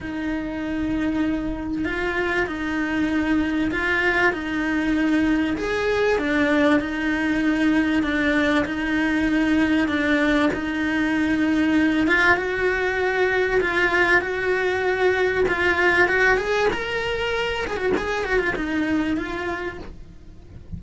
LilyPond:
\new Staff \with { instrumentName = "cello" } { \time 4/4 \tempo 4 = 97 dis'2. f'4 | dis'2 f'4 dis'4~ | dis'4 gis'4 d'4 dis'4~ | dis'4 d'4 dis'2 |
d'4 dis'2~ dis'8 f'8 | fis'2 f'4 fis'4~ | fis'4 f'4 fis'8 gis'8 ais'4~ | ais'8 gis'16 fis'16 gis'8 fis'16 f'16 dis'4 f'4 | }